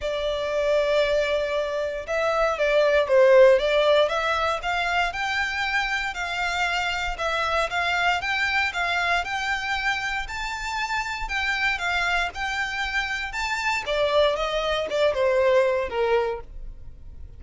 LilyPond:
\new Staff \with { instrumentName = "violin" } { \time 4/4 \tempo 4 = 117 d''1 | e''4 d''4 c''4 d''4 | e''4 f''4 g''2 | f''2 e''4 f''4 |
g''4 f''4 g''2 | a''2 g''4 f''4 | g''2 a''4 d''4 | dis''4 d''8 c''4. ais'4 | }